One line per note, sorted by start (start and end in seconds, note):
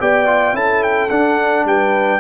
0.00 0.54 B3
0.00 0.26 G4
0.00 0.55 D5
0.00 0.56 G5
0.26 0.53 F4
0.53 1.09 C#4
0.53 1.09 E4
0.53 1.66 A4
0.53 0.83 A5
0.83 1.10 G5
1.10 1.65 D4
1.10 2.20 D4
1.10 1.65 F#5
1.65 2.20 G3
1.65 2.20 B4
1.65 2.20 G5